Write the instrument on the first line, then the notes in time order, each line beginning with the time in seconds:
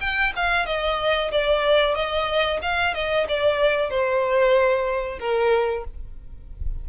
violin
0.00 G5
0.36 F5
0.66 D#5
1.31 D5
1.94 D#5
2.61 F5
2.94 D#5
3.28 D5
3.90 C5
5.19 A#4